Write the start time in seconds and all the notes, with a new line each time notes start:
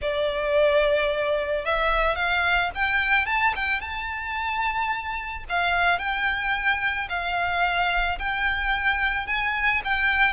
0.01 D5
1.65 E5
2.15 F5
2.74 G5
3.26 A5
3.55 G5
3.81 A5
5.49 F5
5.99 G5
7.09 F5
8.18 G5
9.27 G#5
9.84 G5